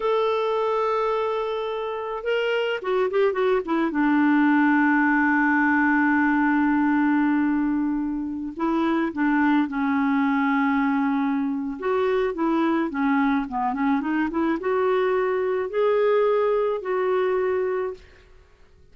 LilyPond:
\new Staff \with { instrumentName = "clarinet" } { \time 4/4 \tempo 4 = 107 a'1 | ais'4 fis'8 g'8 fis'8 e'8 d'4~ | d'1~ | d'2.~ d'16 e'8.~ |
e'16 d'4 cis'2~ cis'8.~ | cis'4 fis'4 e'4 cis'4 | b8 cis'8 dis'8 e'8 fis'2 | gis'2 fis'2 | }